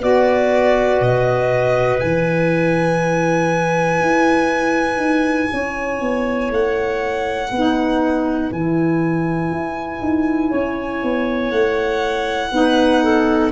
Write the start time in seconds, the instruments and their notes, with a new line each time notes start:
0.00 tuba B3, saxophone F#4, clarinet B4, violin D5
1.01 tuba B2, violin D#5
1.99 tuba E3, saxophone E4, violin G#5
4.01 tuba E4
4.98 tuba D#4
5.53 tuba C#4, clarinet C#5
6.01 tuba B3
6.51 tuba A3, violin F#5
7.51 tuba B3, saxophone D#4, clarinet B4
8.52 tuba E3, saxophone E4, violin G#5
9.51 tuba E4
10.02 tuba D#4
10.50 tuba C#4, clarinet C#5
11.03 tuba B3
11.51 tuba A3, violin F#5
12.52 tuba B3, saxophone D#4, clarinet B4
13.04 clarinet A4